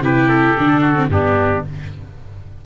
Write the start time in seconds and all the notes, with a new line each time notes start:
0.00 C3 E4 G4 B4
0.29 A4
0.58 D3 D4
0.81 F#4
0.96 C4
1.09 G2 B3 D4 G4